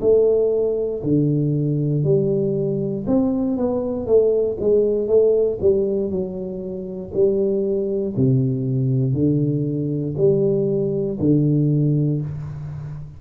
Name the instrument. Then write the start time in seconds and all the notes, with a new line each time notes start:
tuba
0.00 A3
1.03 D3
2.03 G3
3.06 C4
3.57 B3
4.06 A3
4.59 G#3
5.07 A3
5.60 G3
6.10 F#3
7.13 G3
8.16 C3
9.13 D3
10.17 G3
11.19 D3